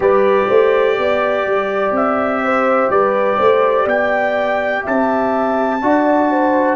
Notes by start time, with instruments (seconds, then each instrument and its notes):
0.00 tuba G3, trombone G4, horn B4, trumpet D5
0.47 tuba A3, horn C5
0.98 tuba B3, horn D5
1.46 tuba G3
1.91 tuba C4, trumpet E5
2.43 horn C5
2.89 tuba G3, horn B4, trumpet D5
3.37 tuba A3, horn C5
3.84 tuba B3, horn D5, trumpet G5
4.82 tuba C4, horn E5, trumpet A5
5.81 tuba D4, trombone F#4, horn D5
6.30 horn C5